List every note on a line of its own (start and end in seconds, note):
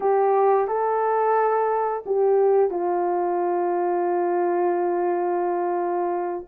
0.00 0.67 G4
0.67 2.04 A4
2.06 2.70 G4
2.70 6.45 F4